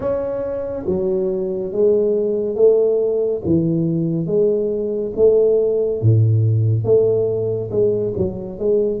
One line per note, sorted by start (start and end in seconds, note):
0.00 0.84 C#4
0.86 1.71 F#3
1.71 2.55 G#3
2.55 3.41 A3
3.44 4.26 E3
4.26 5.12 G#3
5.15 6.01 A3
6.01 6.84 A2
6.84 7.69 A3
7.70 8.13 G#3
8.17 8.59 F#3
8.59 9.00 G#3